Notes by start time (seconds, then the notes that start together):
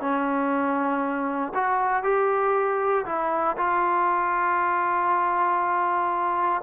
0.00 C#4
1.54 F#4
2.03 G4
3.05 E4
3.57 F4